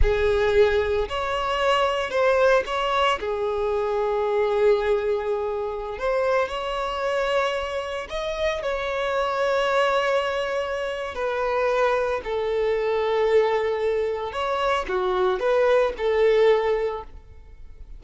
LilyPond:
\new Staff \with { instrumentName = "violin" } { \time 4/4 \tempo 4 = 113 gis'2 cis''2 | c''4 cis''4 gis'2~ | gis'2.~ gis'16 c''8.~ | c''16 cis''2. dis''8.~ |
dis''16 cis''2.~ cis''8.~ | cis''4 b'2 a'4~ | a'2. cis''4 | fis'4 b'4 a'2 | }